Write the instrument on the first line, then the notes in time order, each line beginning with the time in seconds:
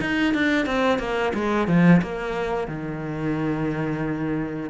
cello
0.00 D#4
0.34 D4
0.66 C4
0.99 A#3
1.34 G#3
1.67 F3
2.02 A#3
2.67 D#3